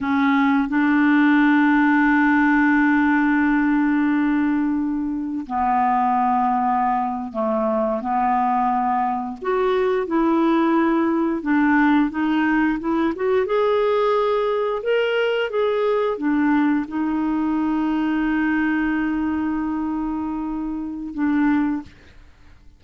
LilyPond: \new Staff \with { instrumentName = "clarinet" } { \time 4/4 \tempo 4 = 88 cis'4 d'2.~ | d'1 | b2~ b8. a4 b16~ | b4.~ b16 fis'4 e'4~ e'16~ |
e'8. d'4 dis'4 e'8 fis'8 gis'16~ | gis'4.~ gis'16 ais'4 gis'4 d'16~ | d'8. dis'2.~ dis'16~ | dis'2. d'4 | }